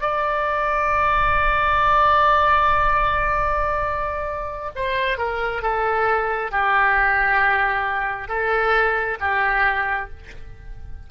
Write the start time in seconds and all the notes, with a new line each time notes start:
0.00 D5
4.75 C5
5.17 A#4
5.62 A4
6.51 G4
8.28 A4
9.20 G4